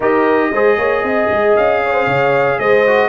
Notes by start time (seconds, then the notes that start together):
0.00 D#4 G4 A#4 D#5
0.52 G#3 G#4 C5
0.78 A#3 C#5
1.03 C4 D#5
1.31 G#3
1.56 C#4 F5
1.84 C#5
1.93 C5
2.06 C#3 C#5
2.58 G#3 C5 D#5
2.86 F#4